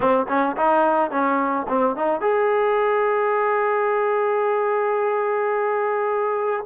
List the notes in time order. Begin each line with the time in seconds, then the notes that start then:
0.00 C4
0.28 C#4
0.56 D#4
1.10 C#4
1.68 C4
1.96 D#4
2.20 G#4